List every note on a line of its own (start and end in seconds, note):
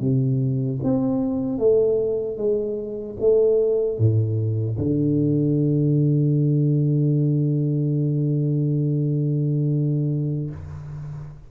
0.00 0.79 C3
0.83 1.58 C4
1.58 2.37 A3
2.37 3.16 G#3
3.20 3.98 A3
3.98 4.77 A2
4.78 10.50 D3